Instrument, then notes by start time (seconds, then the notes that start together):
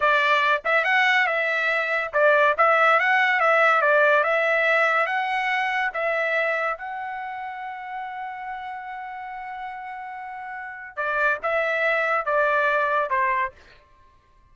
trumpet
0.00 D5
0.64 E5
0.84 F#5
1.26 E5
2.13 D5
2.57 E5
2.99 F#5
3.40 E5
3.81 D5
4.23 E5
5.06 F#5
5.93 E5
6.77 F#5
10.96 D5
11.43 E5
12.25 D5
13.09 C5